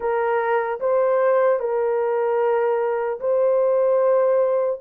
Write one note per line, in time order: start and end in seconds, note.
0.00 0.79 A#4
0.80 1.59 C5
1.59 3.19 A#4
3.20 4.80 C5